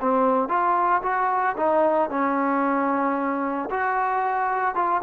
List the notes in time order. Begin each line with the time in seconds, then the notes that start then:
0.00 C4
0.48 F4
1.02 F#4
1.56 D#4
2.09 C#4
3.70 F#4
4.74 F4